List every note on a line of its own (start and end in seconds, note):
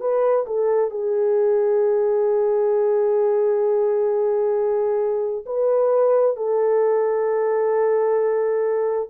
0.00 0.45 B4
0.46 0.90 A4
0.90 5.45 G#4
5.46 6.36 B4
6.36 9.09 A4